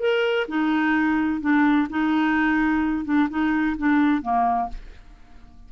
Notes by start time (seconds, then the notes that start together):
0.00 A#4
0.48 D#4
1.41 D4
1.90 D#4
3.05 D4
3.30 D#4
3.78 D4
4.22 A#3